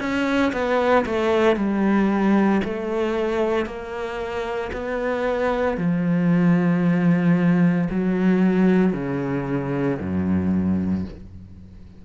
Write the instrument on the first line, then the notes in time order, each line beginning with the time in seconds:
cello
0.00 C#4
0.53 B3
1.06 A3
1.57 G3
2.65 A3
3.67 A#3
4.73 B3
5.78 F3
7.91 F#3
8.93 C#3
10.00 F#2